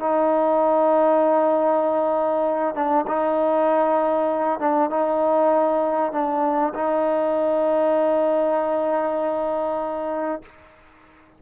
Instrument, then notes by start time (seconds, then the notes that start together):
trombone
0.00 D#4
2.75 D4
3.08 D#4
4.60 D4
4.90 D#4
6.13 D4
6.75 D#4